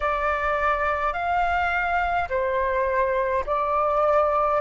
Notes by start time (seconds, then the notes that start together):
0.00 D5
1.13 F5
2.29 C5
3.46 D5